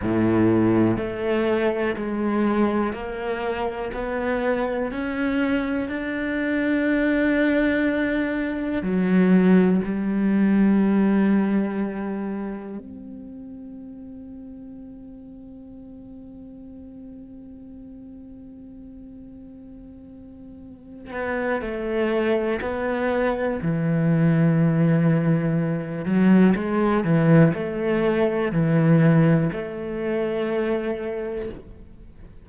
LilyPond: \new Staff \with { instrumentName = "cello" } { \time 4/4 \tempo 4 = 61 a,4 a4 gis4 ais4 | b4 cis'4 d'2~ | d'4 fis4 g2~ | g4 c'2.~ |
c'1~ | c'4. b8 a4 b4 | e2~ e8 fis8 gis8 e8 | a4 e4 a2 | }